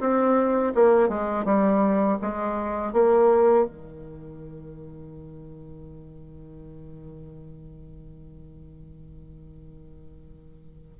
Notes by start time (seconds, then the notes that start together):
0.00 C4
0.75 A#3
1.09 G#3
1.45 G3
2.22 G#3
2.93 A#3
3.66 D#3